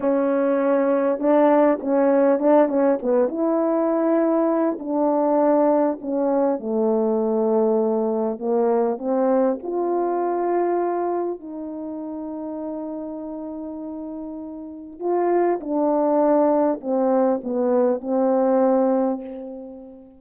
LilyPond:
\new Staff \with { instrumentName = "horn" } { \time 4/4 \tempo 4 = 100 cis'2 d'4 cis'4 | d'8 cis'8 b8 e'2~ e'8 | d'2 cis'4 a4~ | a2 ais4 c'4 |
f'2. dis'4~ | dis'1~ | dis'4 f'4 d'2 | c'4 b4 c'2 | }